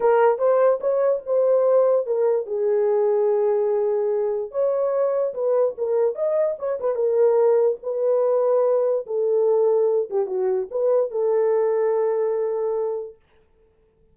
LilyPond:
\new Staff \with { instrumentName = "horn" } { \time 4/4 \tempo 4 = 146 ais'4 c''4 cis''4 c''4~ | c''4 ais'4 gis'2~ | gis'2. cis''4~ | cis''4 b'4 ais'4 dis''4 |
cis''8 b'8 ais'2 b'4~ | b'2 a'2~ | a'8 g'8 fis'4 b'4 a'4~ | a'1 | }